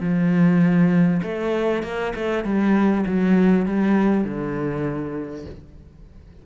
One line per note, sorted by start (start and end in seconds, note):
0.00 1.21 F3
1.23 1.83 A3
1.83 2.13 A#3
2.15 2.44 A3
2.44 3.05 G3
3.06 3.66 F#3
3.66 4.24 G3
4.24 5.45 D3